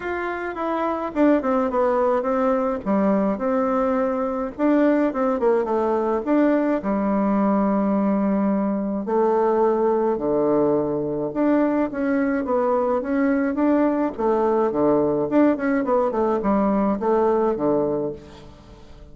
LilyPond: \new Staff \with { instrumentName = "bassoon" } { \time 4/4 \tempo 4 = 106 f'4 e'4 d'8 c'8 b4 | c'4 g4 c'2 | d'4 c'8 ais8 a4 d'4 | g1 |
a2 d2 | d'4 cis'4 b4 cis'4 | d'4 a4 d4 d'8 cis'8 | b8 a8 g4 a4 d4 | }